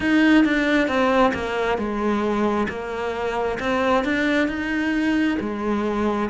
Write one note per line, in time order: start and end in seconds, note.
0.00 0.44 D#4
0.44 0.88 D4
0.88 1.32 C4
1.34 1.77 A#3
1.77 2.67 G#3
2.68 3.58 A#3
3.59 4.04 C4
4.04 4.48 D4
4.48 5.37 D#4
5.40 6.29 G#3